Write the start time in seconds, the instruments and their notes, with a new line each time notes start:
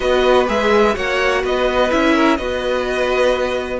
0.00 cello B3, viola F#4, violin B4 D#5
0.46 cello G#3, viola G#4, violin E5
0.94 cello A#3, viola F#4, violin C#5 F#5
1.42 cello B3, violin B4 D#5
1.90 cello C#4, viola E4, violin E5
2.14 violin A#4
2.36 cello B3, viola F#4, violin B4 D#5